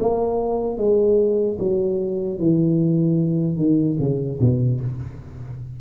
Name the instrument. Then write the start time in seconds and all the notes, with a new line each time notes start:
tuba
0.00 A#3
0.77 G#3
1.59 F#3
2.39 E3
3.57 D#3
3.99 C#3
4.40 B2